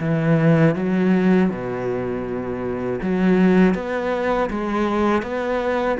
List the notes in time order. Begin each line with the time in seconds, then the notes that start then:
0.00 E3
0.75 F#3
1.50 B2
3.02 F#3
3.74 B3
4.50 G#3
5.22 B3